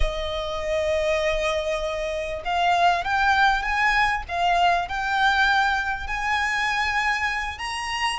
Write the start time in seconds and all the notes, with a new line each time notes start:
0.00 D#5
2.45 F5
3.04 G5
3.62 G#5
4.28 F5
4.88 G5
6.07 G#5
7.58 A#5